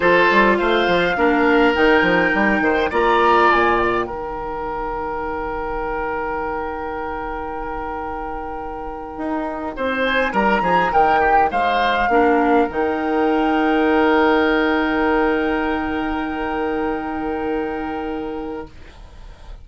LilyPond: <<
  \new Staff \with { instrumentName = "flute" } { \time 4/4 \tempo 4 = 103 c''4 f''2 g''4~ | g''4 ais''4 gis''8 g''4.~ | g''1~ | g''1~ |
g''4~ g''16 gis''8 ais''4 g''4 f''16~ | f''4.~ f''16 g''2~ g''16~ | g''1~ | g''1 | }
  \new Staff \with { instrumentName = "oboe" } { \time 4/4 a'4 c''4 ais'2~ | ais'8 c''8 d''2 ais'4~ | ais'1~ | ais'1~ |
ais'8. c''4 ais'8 gis'8 ais'8 g'8 c''16~ | c''8. ais'2.~ ais'16~ | ais'1~ | ais'1 | }
  \new Staff \with { instrumentName = "clarinet" } { \time 4/4 f'2 d'4 dis'4~ | dis'4 f'2 dis'4~ | dis'1~ | dis'1~ |
dis'1~ | dis'8. d'4 dis'2~ dis'16~ | dis'1~ | dis'1 | }
  \new Staff \with { instrumentName = "bassoon" } { \time 4/4 f8 g8 a8 f8 ais4 dis8 f8 | g8 dis8 ais4 ais,4 dis4~ | dis1~ | dis2.~ dis8. dis'16~ |
dis'8. c'4 g8 f8 dis4 gis16~ | gis8. ais4 dis2~ dis16~ | dis1~ | dis1 | }
>>